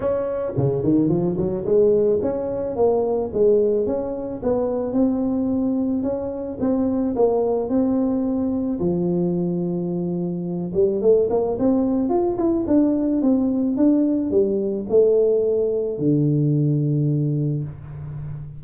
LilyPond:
\new Staff \with { instrumentName = "tuba" } { \time 4/4 \tempo 4 = 109 cis'4 cis8 dis8 f8 fis8 gis4 | cis'4 ais4 gis4 cis'4 | b4 c'2 cis'4 | c'4 ais4 c'2 |
f2.~ f8 g8 | a8 ais8 c'4 f'8 e'8 d'4 | c'4 d'4 g4 a4~ | a4 d2. | }